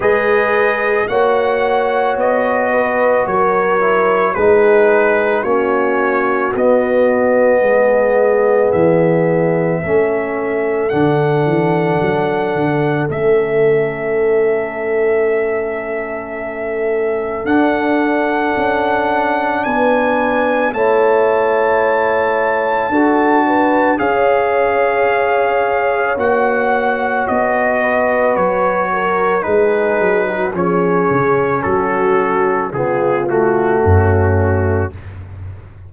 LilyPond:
<<
  \new Staff \with { instrumentName = "trumpet" } { \time 4/4 \tempo 4 = 55 dis''4 fis''4 dis''4 cis''4 | b'4 cis''4 dis''2 | e''2 fis''2 | e''1 |
fis''2 gis''4 a''4~ | a''2 f''2 | fis''4 dis''4 cis''4 b'4 | cis''4 a'4 gis'8 fis'4. | }
  \new Staff \with { instrumentName = "horn" } { \time 4/4 b'4 cis''4. b'8 ais'4 | gis'4 fis'2 gis'4~ | gis'4 a'2.~ | a'1~ |
a'2 b'4 cis''4~ | cis''4 a'8 b'8 cis''2~ | cis''4. b'4 ais'8 gis'8. fis'16 | gis'4 fis'4 f'4 cis'4 | }
  \new Staff \with { instrumentName = "trombone" } { \time 4/4 gis'4 fis'2~ fis'8 e'8 | dis'4 cis'4 b2~ | b4 cis'4 d'2 | cis'1 |
d'2. e'4~ | e'4 fis'4 gis'2 | fis'2. dis'4 | cis'2 b8 a4. | }
  \new Staff \with { instrumentName = "tuba" } { \time 4/4 gis4 ais4 b4 fis4 | gis4 ais4 b4 gis4 | e4 a4 d8 e8 fis8 d8 | a1 |
d'4 cis'4 b4 a4~ | a4 d'4 cis'2 | ais4 b4 fis4 gis8 fis8 | f8 cis8 fis4 cis4 fis,4 | }
>>